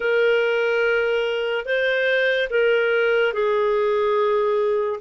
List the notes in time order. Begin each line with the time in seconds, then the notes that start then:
0.00 A#4
1.65 C5
2.50 A#4
3.33 G#4